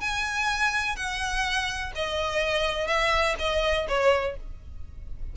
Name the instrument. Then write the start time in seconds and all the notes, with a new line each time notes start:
violin
0.00 G#5
0.96 F#5
1.95 D#5
2.87 E5
3.39 D#5
3.88 C#5